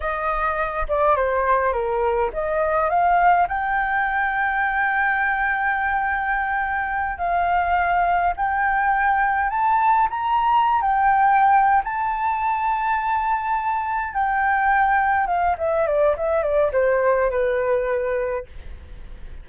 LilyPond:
\new Staff \with { instrumentName = "flute" } { \time 4/4 \tempo 4 = 104 dis''4. d''8 c''4 ais'4 | dis''4 f''4 g''2~ | g''1~ | g''8 f''2 g''4.~ |
g''8 a''4 ais''4~ ais''16 g''4~ g''16~ | g''8 a''2.~ a''8~ | a''8 g''2 f''8 e''8 d''8 | e''8 d''8 c''4 b'2 | }